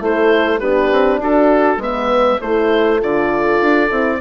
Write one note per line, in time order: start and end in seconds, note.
0.00 0.61 A3
0.00 0.60 E4
0.00 0.60 A4
0.00 0.60 C5
0.60 0.92 B3
0.60 1.82 D4
0.60 1.20 G4
0.60 1.20 B4
0.92 1.19 C4
1.19 1.78 D4
1.19 1.79 F#4
1.19 1.83 A4
1.78 2.38 G#3
1.78 2.42 B3
1.78 2.40 B4
1.78 2.42 E5
2.40 3.02 A3
2.40 3.00 E4
2.40 4.20 A4
2.40 3.02 C5
3.00 3.61 D3
3.00 3.90 F4
3.00 4.21 D5
3.61 3.91 D4
3.91 4.21 C4
3.91 4.21 E4